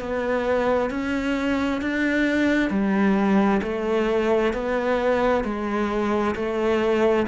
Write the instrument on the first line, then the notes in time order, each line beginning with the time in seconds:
cello
0.00 B3
0.90 C#4
1.81 D4
2.70 G3
3.62 A3
4.53 B3
5.44 G#3
6.35 A3